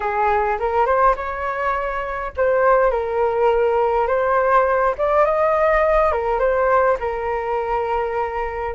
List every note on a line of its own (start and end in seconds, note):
0.00 0.57 G#4
0.59 0.86 A#4
0.86 1.15 C5
1.16 2.32 C#5
2.36 2.90 C5
2.90 4.07 A#4
4.07 4.94 C5
4.98 5.25 D5
5.25 6.11 D#5
6.11 6.39 A#4
6.39 6.97 C5
6.99 8.74 A#4